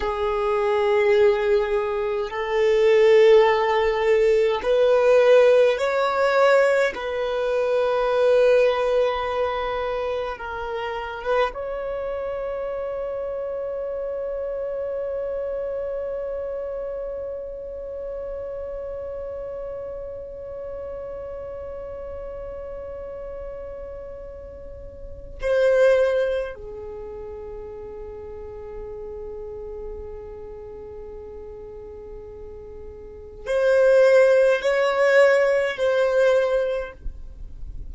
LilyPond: \new Staff \with { instrumentName = "violin" } { \time 4/4 \tempo 4 = 52 gis'2 a'2 | b'4 cis''4 b'2~ | b'4 ais'8. b'16 cis''2~ | cis''1~ |
cis''1~ | cis''2 c''4 gis'4~ | gis'1~ | gis'4 c''4 cis''4 c''4 | }